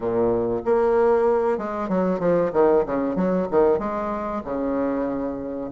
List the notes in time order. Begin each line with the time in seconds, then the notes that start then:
0.00 A#2
0.65 A#3
1.58 G#3
1.88 F#3
2.19 F3
2.52 D#3
2.86 C#3
3.16 F#3
3.51 D#3
3.78 G#3
4.44 C#3